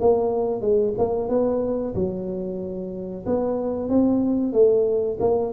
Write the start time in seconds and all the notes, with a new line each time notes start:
0.00 A#3
0.61 G#3
0.98 A#3
1.29 B3
1.95 F#3
3.26 B3
3.89 C4
4.53 A3
5.20 A#3